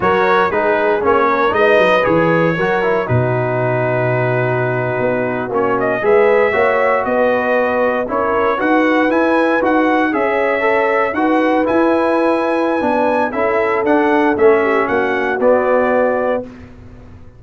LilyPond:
<<
  \new Staff \with { instrumentName = "trumpet" } { \time 4/4 \tempo 4 = 117 cis''4 b'4 cis''4 dis''4 | cis''2 b'2~ | b'2~ b'8. cis''8 dis''8 e''16~ | e''4.~ e''16 dis''2 cis''16~ |
cis''8. fis''4 gis''4 fis''4 e''16~ | e''4.~ e''16 fis''4 gis''4~ gis''16~ | gis''2 e''4 fis''4 | e''4 fis''4 d''2 | }
  \new Staff \with { instrumentName = "horn" } { \time 4/4 ais'4 gis'4. ais'8 b'4~ | b'4 ais'4 fis'2~ | fis'2.~ fis'8. b'16~ | b'8. cis''4 b'2 ais'16~ |
ais'8. b'2. cis''16~ | cis''4.~ cis''16 b'2~ b'16~ | b'2 a'2~ | a'8 g'8 fis'2. | }
  \new Staff \with { instrumentName = "trombone" } { \time 4/4 fis'4 dis'4 cis'4 dis'4 | gis'4 fis'8 e'8 dis'2~ | dis'2~ dis'8. cis'4 gis'16~ | gis'8. fis'2. e'16~ |
e'8. fis'4 e'4 fis'4 gis'16~ | gis'8. a'4 fis'4 e'4~ e'16~ | e'4 d'4 e'4 d'4 | cis'2 b2 | }
  \new Staff \with { instrumentName = "tuba" } { \time 4/4 fis4 gis4 ais4 gis8 fis8 | e4 fis4 b,2~ | b,4.~ b,16 b4 ais4 gis16~ | gis8. ais4 b2 cis'16~ |
cis'8. dis'4 e'4 dis'4 cis'16~ | cis'4.~ cis'16 dis'4 e'4~ e'16~ | e'4 b4 cis'4 d'4 | a4 ais4 b2 | }
>>